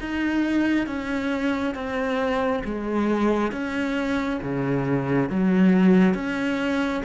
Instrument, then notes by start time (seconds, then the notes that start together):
cello
0.00 D#4
0.86 C#4
1.74 C4
2.64 G#3
3.51 C#4
4.42 C#3
5.29 F#3
6.14 C#4